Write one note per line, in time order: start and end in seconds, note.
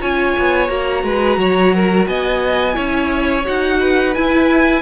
0.00 0.35 C#4
0.00 0.69 F4
0.00 1.04 C#5
0.00 0.69 G#5
0.39 0.69 B3
0.69 1.03 A#3
0.69 2.73 F#4
0.69 2.07 A#5
1.03 1.37 G#3
1.03 1.39 B4
1.37 2.06 F#3
1.37 1.75 C#5
1.75 2.09 A#4
2.07 2.76 B3
2.07 2.75 D#5
2.07 3.45 G#5
2.73 3.47 C#4
2.73 3.42 E4
2.73 3.78 C#5
3.45 4.16 D#4
3.45 4.14 F#4
3.45 4.15 F#5
3.80 4.82 B4
4.15 4.82 E4
4.15 4.82 G#5